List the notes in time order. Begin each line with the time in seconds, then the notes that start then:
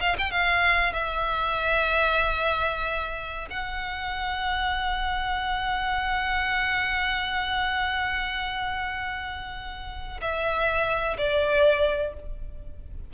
0.00 F5
0.18 G5
0.30 F5
0.93 E5
3.50 F#5
10.21 E5
11.18 D5